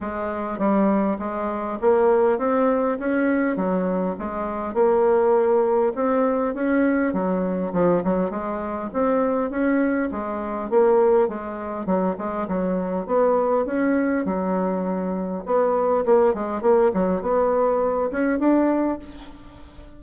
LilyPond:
\new Staff \with { instrumentName = "bassoon" } { \time 4/4 \tempo 4 = 101 gis4 g4 gis4 ais4 | c'4 cis'4 fis4 gis4 | ais2 c'4 cis'4 | fis4 f8 fis8 gis4 c'4 |
cis'4 gis4 ais4 gis4 | fis8 gis8 fis4 b4 cis'4 | fis2 b4 ais8 gis8 | ais8 fis8 b4. cis'8 d'4 | }